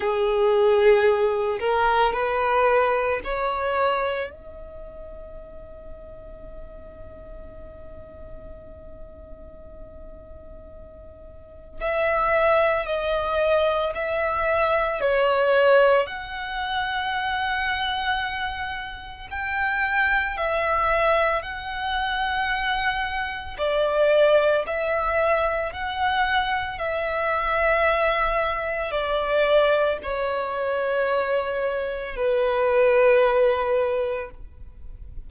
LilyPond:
\new Staff \with { instrumentName = "violin" } { \time 4/4 \tempo 4 = 56 gis'4. ais'8 b'4 cis''4 | dis''1~ | dis''2. e''4 | dis''4 e''4 cis''4 fis''4~ |
fis''2 g''4 e''4 | fis''2 d''4 e''4 | fis''4 e''2 d''4 | cis''2 b'2 | }